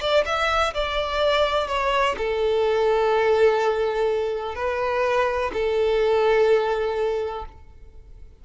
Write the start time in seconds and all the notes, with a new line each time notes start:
0.00 D5
0.25 E5
0.74 D5
1.67 C#5
2.17 A4
4.55 B4
5.53 A4